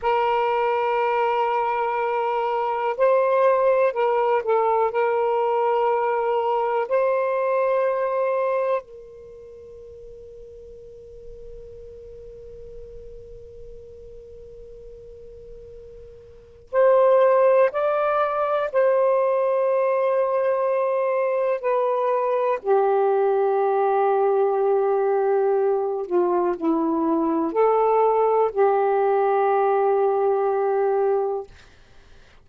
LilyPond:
\new Staff \with { instrumentName = "saxophone" } { \time 4/4 \tempo 4 = 61 ais'2. c''4 | ais'8 a'8 ais'2 c''4~ | c''4 ais'2.~ | ais'1~ |
ais'4 c''4 d''4 c''4~ | c''2 b'4 g'4~ | g'2~ g'8 f'8 e'4 | a'4 g'2. | }